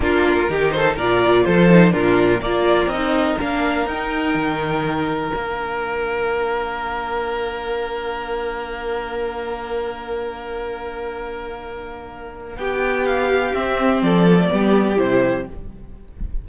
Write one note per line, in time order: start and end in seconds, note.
0.00 0.48 A#3
0.00 0.46 D4
0.00 0.50 F4
0.00 0.70 A#4
0.49 0.97 D#3
0.49 0.97 D#4
0.49 0.74 G4
0.70 0.95 A4
0.70 0.94 C5
0.95 1.46 A#2
0.95 1.69 F4
0.95 1.44 A#4
0.95 1.44 D5
1.44 1.93 F3
1.44 1.93 A4
1.44 1.92 C5
1.69 1.90 D#4
1.90 2.41 A#2
1.90 2.39 D4
1.90 2.41 F4
1.90 2.40 A#4
2.41 2.86 A#3
2.41 2.93 F4
2.41 12.58 A#4
2.41 2.88 D5
2.86 3.34 C4
2.86 3.37 D#5
2.93 3.39 D#4
3.39 3.85 A#3
3.39 3.87 D4
3.39 3.87 F5
3.85 4.34 D#4
3.85 5.32 D#4
3.85 5.32 G5
4.34 5.31 D#3
5.32 12.57 A#3
5.32 13.54 D4
5.32 12.58 F5
12.57 13.54 B3
12.57 14.03 G4
12.57 13.06 G5
13.06 13.54 F5
13.54 14.27 C4
13.54 14.02 C4
13.54 14.02 E5
14.02 14.50 F3
14.02 14.51 A4
14.02 14.97 D5
14.28 14.39 B3
14.39 14.49 A3
14.49 14.98 G3
14.49 14.96 B3
14.49 15.48 G4
14.96 15.46 C3
14.96 15.44 E4
14.96 15.46 C5